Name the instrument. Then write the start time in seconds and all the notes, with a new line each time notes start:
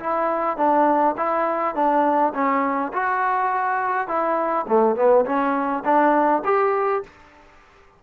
trombone
0.00 E4
0.57 D4
1.17 E4
1.75 D4
2.34 C#4
2.93 F#4
4.08 E4
4.68 A3
4.96 B3
5.25 C#4
5.85 D4
6.45 G4